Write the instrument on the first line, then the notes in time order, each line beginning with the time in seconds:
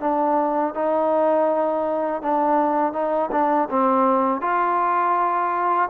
trombone
0.00 D4
0.74 D#4
2.22 D4
2.93 D#4
3.32 D4
3.70 C4
4.41 F4